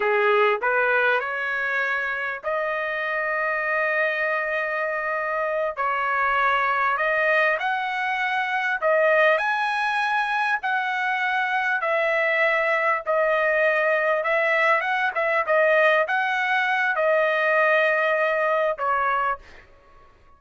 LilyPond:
\new Staff \with { instrumentName = "trumpet" } { \time 4/4 \tempo 4 = 99 gis'4 b'4 cis''2 | dis''1~ | dis''4. cis''2 dis''8~ | dis''8 fis''2 dis''4 gis''8~ |
gis''4. fis''2 e''8~ | e''4. dis''2 e''8~ | e''8 fis''8 e''8 dis''4 fis''4. | dis''2. cis''4 | }